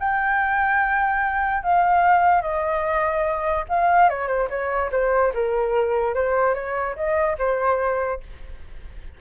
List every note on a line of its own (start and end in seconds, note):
0.00 1.63 G5
1.63 2.42 F5
2.42 3.65 D#5
3.69 4.10 F5
4.10 4.28 C#5
4.28 4.49 C5
4.50 4.91 C#5
4.92 5.33 C5
5.34 6.15 A#4
6.15 6.55 C5
6.55 6.96 C#5
6.96 7.37 D#5
7.39 8.21 C5